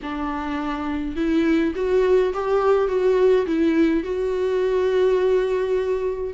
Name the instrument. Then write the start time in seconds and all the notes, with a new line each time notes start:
viola
0.02 D4
1.15 E4
1.75 F#4
2.33 G4
2.88 F#4
3.46 E4
4.03 F#4